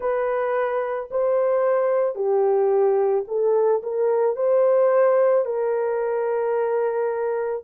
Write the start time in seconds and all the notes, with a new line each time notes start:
0.00 B4
1.11 C5
2.15 G4
3.27 A4
3.82 A#4
4.36 C5
5.45 A#4